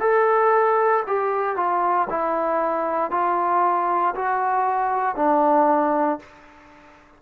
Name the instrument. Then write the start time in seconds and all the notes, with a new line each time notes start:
trombone
0.00 A4
1.07 G4
1.56 F4
2.10 E4
3.11 F4
4.15 F#4
5.16 D4